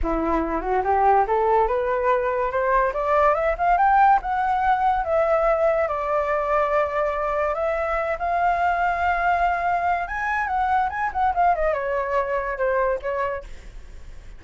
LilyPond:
\new Staff \with { instrumentName = "flute" } { \time 4/4 \tempo 4 = 143 e'4. fis'8 g'4 a'4 | b'2 c''4 d''4 | e''8 f''8 g''4 fis''2 | e''2 d''2~ |
d''2 e''4. f''8~ | f''1 | gis''4 fis''4 gis''8 fis''8 f''8 dis''8 | cis''2 c''4 cis''4 | }